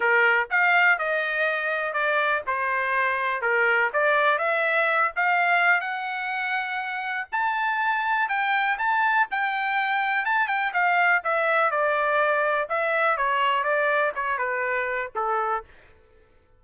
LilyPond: \new Staff \with { instrumentName = "trumpet" } { \time 4/4 \tempo 4 = 123 ais'4 f''4 dis''2 | d''4 c''2 ais'4 | d''4 e''4. f''4. | fis''2. a''4~ |
a''4 g''4 a''4 g''4~ | g''4 a''8 g''8 f''4 e''4 | d''2 e''4 cis''4 | d''4 cis''8 b'4. a'4 | }